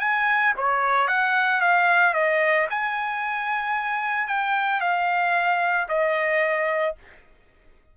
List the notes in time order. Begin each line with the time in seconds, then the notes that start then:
0.00 G#5
0.57 C#5
1.07 F#5
1.61 F5
2.14 D#5
2.70 G#5
4.28 G5
4.80 F5
5.88 D#5